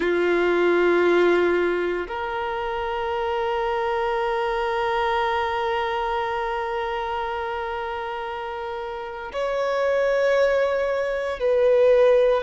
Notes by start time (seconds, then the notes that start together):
0.00 F4
2.07 A#4
9.32 C#5
11.39 B4